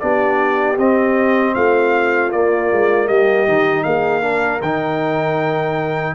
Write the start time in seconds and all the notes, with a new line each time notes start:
0.00 B3 D4 G4 D5
0.78 C4 D#5
1.54 A3 F4 F5
2.32 A#3 D5
2.72 G#3
3.07 G3 G4 D#5
3.48 D#3 D#4
3.83 A#3 G#4 F5
4.22 D4 A#4
4.62 D#3 D#4 G5